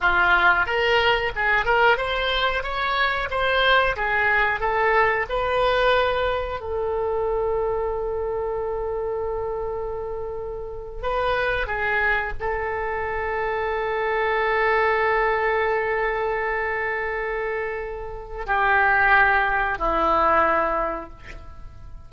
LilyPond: \new Staff \with { instrumentName = "oboe" } { \time 4/4 \tempo 4 = 91 f'4 ais'4 gis'8 ais'8 c''4 | cis''4 c''4 gis'4 a'4 | b'2 a'2~ | a'1~ |
a'8. b'4 gis'4 a'4~ a'16~ | a'1~ | a'1 | g'2 e'2 | }